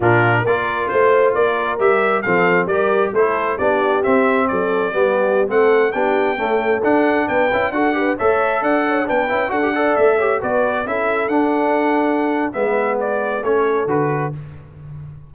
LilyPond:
<<
  \new Staff \with { instrumentName = "trumpet" } { \time 4/4 \tempo 4 = 134 ais'4 d''4 c''4 d''4 | e''4 f''4 d''4 c''4 | d''4 e''4 d''2~ | d''16 fis''4 g''2 fis''8.~ |
fis''16 g''4 fis''4 e''4 fis''8.~ | fis''16 g''4 fis''4 e''4 d''8.~ | d''16 e''4 fis''2~ fis''8. | e''4 d''4 cis''4 b'4 | }
  \new Staff \with { instrumentName = "horn" } { \time 4/4 f'4 ais'4 c''4 ais'4~ | ais'4 a'4 ais'4 a'4 | g'2 a'4 g'4~ | g'16 a'4 g'4 a'4.~ a'16~ |
a'16 b'4 a'8 b'8 cis''4 d''8 cis''16~ | cis''16 b'4 a'8 d''4 cis''8 b'8.~ | b'16 a'2.~ a'8. | b'2 a'2 | }
  \new Staff \with { instrumentName = "trombone" } { \time 4/4 d'4 f'2. | g'4 c'4 g'4 e'4 | d'4 c'2 b4~ | b16 c'4 d'4 a4 d'8.~ |
d'8. e'8 fis'8 g'8 a'4.~ a'16~ | a'16 d'8 e'8 fis'16 g'16 a'4 g'8 fis'8.~ | fis'16 e'4 d'2~ d'8. | b2 cis'4 fis'4 | }
  \new Staff \with { instrumentName = "tuba" } { \time 4/4 ais,4 ais4 a4 ais4 | g4 f4 g4 a4 | b4 c'4 fis4 g4~ | g16 a4 b4 cis'4 d'8.~ |
d'16 b8 cis'8 d'4 a4 d'8.~ | d'16 b8 cis'8 d'4 a4 b8.~ | b16 cis'4 d'2~ d'8. | gis2 a4 d4 | }
>>